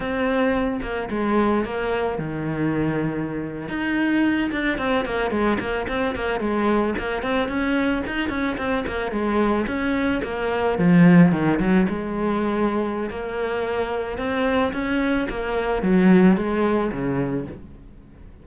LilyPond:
\new Staff \with { instrumentName = "cello" } { \time 4/4 \tempo 4 = 110 c'4. ais8 gis4 ais4 | dis2~ dis8. dis'4~ dis'16~ | dis'16 d'8 c'8 ais8 gis8 ais8 c'8 ais8 gis16~ | gis8. ais8 c'8 cis'4 dis'8 cis'8 c'16~ |
c'16 ais8 gis4 cis'4 ais4 f16~ | f8. dis8 fis8 gis2~ gis16 | ais2 c'4 cis'4 | ais4 fis4 gis4 cis4 | }